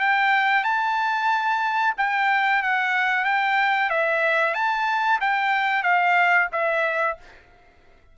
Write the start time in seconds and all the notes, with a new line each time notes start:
0.00 G5
0.64 A5
1.98 G5
2.63 F#5
3.25 G5
3.90 E5
4.54 A5
5.21 G5
5.83 F5
6.52 E5